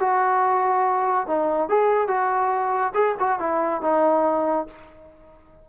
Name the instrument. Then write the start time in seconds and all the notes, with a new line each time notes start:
trombone
0.00 F#4
1.27 D#4
1.69 G#4
2.08 F#4
2.94 G#4
3.20 F#4
3.39 E4
3.82 D#4